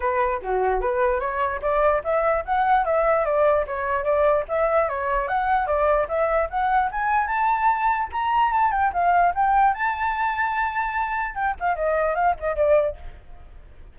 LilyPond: \new Staff \with { instrumentName = "flute" } { \time 4/4 \tempo 4 = 148 b'4 fis'4 b'4 cis''4 | d''4 e''4 fis''4 e''4 | d''4 cis''4 d''4 e''4 | cis''4 fis''4 d''4 e''4 |
fis''4 gis''4 a''2 | ais''4 a''8 g''8 f''4 g''4 | a''1 | g''8 f''8 dis''4 f''8 dis''8 d''4 | }